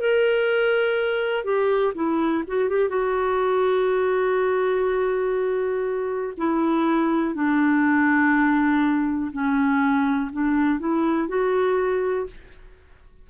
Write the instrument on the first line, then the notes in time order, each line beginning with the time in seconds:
clarinet
0.00 A#4
1.44 G4
1.95 E4
2.48 F#4
2.70 G4
2.89 F#4
6.38 E4
7.35 D4
9.32 C#4
10.32 D4
10.80 E4
11.28 F#4